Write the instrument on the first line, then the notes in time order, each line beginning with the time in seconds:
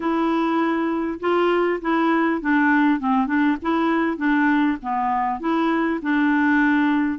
clarinet
0.00 E4
1.19 F4
1.81 E4
2.41 D4
2.99 C4
3.26 D4
3.62 E4
4.17 D4
4.82 B3
5.40 E4
6.02 D4